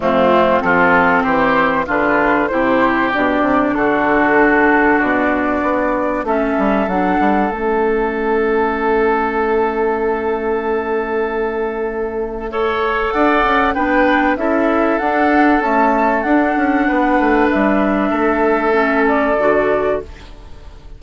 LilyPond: <<
  \new Staff \with { instrumentName = "flute" } { \time 4/4 \tempo 4 = 96 f'4 a'4 c''4 b'4 | c''4 d''4 a'2 | d''2 e''4 fis''4 | e''1~ |
e''1~ | e''4 fis''4 g''4 e''4 | fis''4 a''4 fis''2 | e''2~ e''8 d''4. | }
  \new Staff \with { instrumentName = "oboe" } { \time 4/4 c'4 f'4 g'4 f'4 | g'2 fis'2~ | fis'2 a'2~ | a'1~ |
a'1 | cis''4 d''4 b'4 a'4~ | a'2. b'4~ | b'4 a'2. | }
  \new Staff \with { instrumentName = "clarinet" } { \time 4/4 a4 c'2 d'4 | e'4 d'2.~ | d'2 cis'4 d'4 | cis'1~ |
cis'1 | a'2 d'4 e'4 | d'4 a4 d'2~ | d'2 cis'4 fis'4 | }
  \new Staff \with { instrumentName = "bassoon" } { \time 4/4 f,4 f4 e4 d4 | c4 b,8 c8 d2 | b,4 b4 a8 g8 fis8 g8 | a1~ |
a1~ | a4 d'8 cis'8 b4 cis'4 | d'4 cis'4 d'8 cis'8 b8 a8 | g4 a2 d4 | }
>>